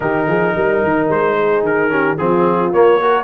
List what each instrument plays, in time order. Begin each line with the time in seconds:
0.00 tuba D#3, trombone D#4, horn G4, trumpet A#4
0.27 tuba F3, horn G#4
0.55 tuba G3, horn A#4
0.83 tuba D#3
1.09 tuba G#3, trumpet C5
1.36 horn G#4
1.62 tuba D#3, trumpet A#4
1.89 trombone C#4, horn G4
2.17 tuba F3, trombone C4, horn F4, trumpet G#4
2.72 trombone A#3, tuba A#3, trumpet C#5
3.00 trombone F#4, horn A#4